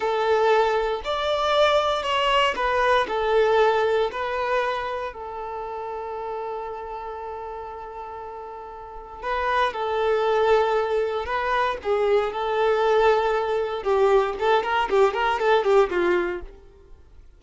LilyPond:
\new Staff \with { instrumentName = "violin" } { \time 4/4 \tempo 4 = 117 a'2 d''2 | cis''4 b'4 a'2 | b'2 a'2~ | a'1~ |
a'2 b'4 a'4~ | a'2 b'4 gis'4 | a'2. g'4 | a'8 ais'8 g'8 ais'8 a'8 g'8 f'4 | }